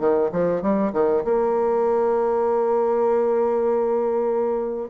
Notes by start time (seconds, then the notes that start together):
0.00 D#3
0.32 F3
0.62 G3
0.93 D#3
1.25 A#3